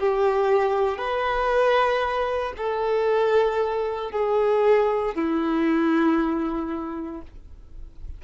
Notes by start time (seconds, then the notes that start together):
0.00 G4
0.98 B4
2.57 A4
4.12 G#4
5.15 E4